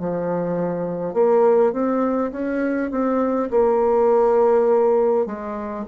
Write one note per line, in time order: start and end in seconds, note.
0.00 1.14 F3
1.14 1.73 A#3
1.73 2.32 C4
2.32 2.91 C#4
2.91 3.50 C4
3.51 5.26 A#3
5.26 5.85 G#3